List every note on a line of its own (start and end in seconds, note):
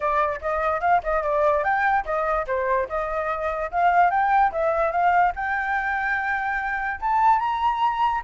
0.00 0.40 D5
0.41 0.81 D#5
0.81 1.01 F5
1.03 1.22 D#5
1.22 1.63 D5
1.63 2.05 G5
2.05 2.46 D#5
2.47 2.88 C5
2.88 3.71 D#5
3.71 4.10 F5
4.10 4.51 G5
4.51 4.91 E5
4.91 5.32 F5
5.35 7.00 G5
7.00 7.39 A5
7.39 8.21 A#5